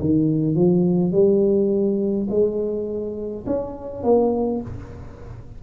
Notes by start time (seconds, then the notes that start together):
0.00 D#3
0.56 F3
1.12 G3
2.30 G#3
3.47 C#4
4.03 A#3